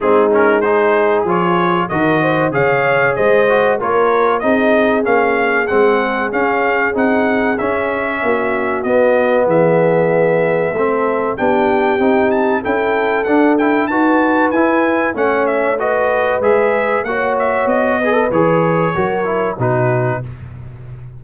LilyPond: <<
  \new Staff \with { instrumentName = "trumpet" } { \time 4/4 \tempo 4 = 95 gis'8 ais'8 c''4 cis''4 dis''4 | f''4 dis''4 cis''4 dis''4 | f''4 fis''4 f''4 fis''4 | e''2 dis''4 e''4~ |
e''2 g''4. a''8 | g''4 fis''8 g''8 a''4 gis''4 | fis''8 e''8 dis''4 e''4 fis''8 e''8 | dis''4 cis''2 b'4 | }
  \new Staff \with { instrumentName = "horn" } { \time 4/4 dis'4 gis'2 ais'8 c''8 | cis''4 c''4 ais'4 gis'4~ | gis'1~ | gis'4 fis'2 gis'4~ |
gis'4 a'4 g'2 | a'2 b'2 | cis''4 b'2 cis''4~ | cis''8 b'4. ais'4 fis'4 | }
  \new Staff \with { instrumentName = "trombone" } { \time 4/4 c'8 cis'8 dis'4 f'4 fis'4 | gis'4. fis'8 f'4 dis'4 | cis'4 c'4 cis'4 dis'4 | cis'2 b2~ |
b4 c'4 d'4 dis'4 | e'4 d'8 e'8 fis'4 e'4 | cis'4 fis'4 gis'4 fis'4~ | fis'8 gis'16 a'16 gis'4 fis'8 e'8 dis'4 | }
  \new Staff \with { instrumentName = "tuba" } { \time 4/4 gis2 f4 dis4 | cis4 gis4 ais4 c'4 | ais4 gis4 cis'4 c'4 | cis'4 ais4 b4 e4~ |
e4 a4 b4 c'4 | cis'4 d'4 dis'4 e'4 | a2 gis4 ais4 | b4 e4 fis4 b,4 | }
>>